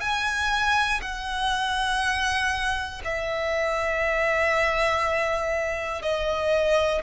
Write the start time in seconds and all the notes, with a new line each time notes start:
0.00 G#5
1.02 F#5
3.04 E5
6.02 D#5